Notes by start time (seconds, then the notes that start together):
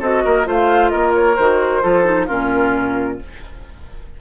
0.00 C4 F#4 A4 D#5
0.25 A#3 A#4
0.44 A3 F4 C5
0.50 F5
0.89 A#3 A#4 D#5
1.14 C#5
1.35 D#3 F#4 C5
1.82 F3 F4 A4
2.04 D#4
2.26 A#2 C#4 F4 A#4